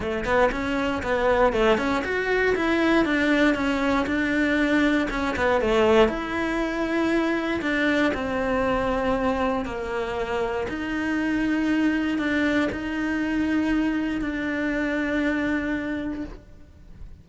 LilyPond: \new Staff \with { instrumentName = "cello" } { \time 4/4 \tempo 4 = 118 a8 b8 cis'4 b4 a8 cis'8 | fis'4 e'4 d'4 cis'4 | d'2 cis'8 b8 a4 | e'2. d'4 |
c'2. ais4~ | ais4 dis'2. | d'4 dis'2. | d'1 | }